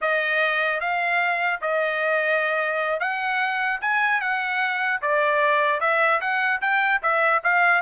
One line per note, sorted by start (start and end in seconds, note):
0.01 0.80 D#5
0.80 1.60 F5
1.61 3.00 D#5
3.00 3.80 F#5
3.81 4.20 G#5
4.20 5.00 F#5
5.01 5.80 D5
5.80 6.20 E5
6.21 6.61 F#5
6.61 7.01 G5
7.02 7.42 E5
7.43 7.81 F5